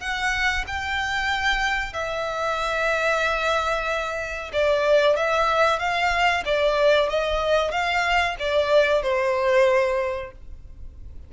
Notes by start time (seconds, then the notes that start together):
0.00 F#5
0.67 G5
1.93 E5
4.52 D5
5.16 E5
5.79 F5
6.45 D5
7.09 D#5
7.71 F5
8.39 D5
9.02 C5